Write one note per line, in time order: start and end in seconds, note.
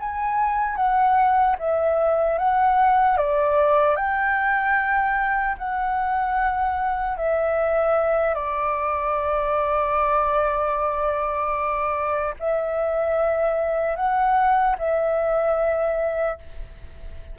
0.00 0.76 G#5
0.76 1.56 F#5
1.59 2.39 E5
2.39 3.17 F#5
3.17 3.96 D5
3.96 5.56 G5
5.58 7.17 F#5
7.17 8.35 E5
8.35 12.35 D5
12.40 13.96 E5
13.96 14.76 F#5
14.79 16.39 E5